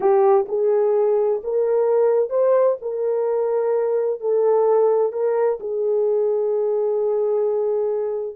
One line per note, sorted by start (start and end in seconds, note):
0.00 0.46 G4
0.48 1.41 G#4
1.43 2.29 A#4
2.29 2.76 C5
2.81 4.20 A#4
4.20 5.12 A4
5.12 5.58 A#4
5.60 8.36 G#4